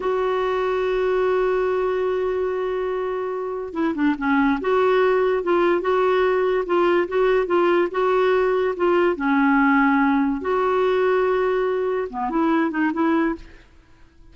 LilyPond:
\new Staff \with { instrumentName = "clarinet" } { \time 4/4 \tempo 4 = 144 fis'1~ | fis'1~ | fis'4 e'8 d'8 cis'4 fis'4~ | fis'4 f'4 fis'2 |
f'4 fis'4 f'4 fis'4~ | fis'4 f'4 cis'2~ | cis'4 fis'2.~ | fis'4 b8 e'4 dis'8 e'4 | }